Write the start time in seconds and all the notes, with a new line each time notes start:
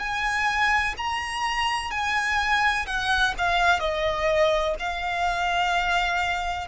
0.00 G#5
0.97 A#5
1.91 G#5
2.87 F#5
3.38 F5
3.80 D#5
4.80 F5